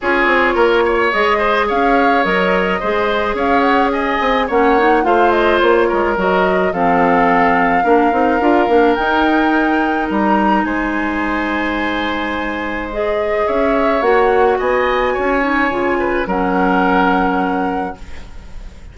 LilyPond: <<
  \new Staff \with { instrumentName = "flute" } { \time 4/4 \tempo 4 = 107 cis''2 dis''4 f''4 | dis''2 f''8 fis''8 gis''4 | fis''4 f''8 dis''8 cis''4 dis''4 | f''1 |
g''2 ais''4 gis''4~ | gis''2. dis''4 | e''4 fis''4 gis''2~ | gis''4 fis''2. | }
  \new Staff \with { instrumentName = "oboe" } { \time 4/4 gis'4 ais'8 cis''4 c''8 cis''4~ | cis''4 c''4 cis''4 dis''4 | cis''4 c''4. ais'4. | a'2 ais'2~ |
ais'2. c''4~ | c''1 | cis''2 dis''4 cis''4~ | cis''8 b'8 ais'2. | }
  \new Staff \with { instrumentName = "clarinet" } { \time 4/4 f'2 gis'2 | ais'4 gis'2. | cis'8 dis'8 f'2 fis'4 | c'2 d'8 dis'8 f'8 d'8 |
dis'1~ | dis'2. gis'4~ | gis'4 fis'2~ fis'8 dis'8 | f'4 cis'2. | }
  \new Staff \with { instrumentName = "bassoon" } { \time 4/4 cis'8 c'8 ais4 gis4 cis'4 | fis4 gis4 cis'4. c'8 | ais4 a4 ais8 gis8 fis4 | f2 ais8 c'8 d'8 ais8 |
dis'2 g4 gis4~ | gis1 | cis'4 ais4 b4 cis'4 | cis4 fis2. | }
>>